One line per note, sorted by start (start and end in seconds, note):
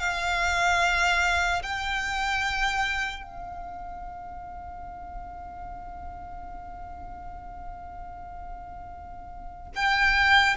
0.00 1.62 F5
1.63 3.23 G5
3.23 9.72 F5
9.76 10.57 G5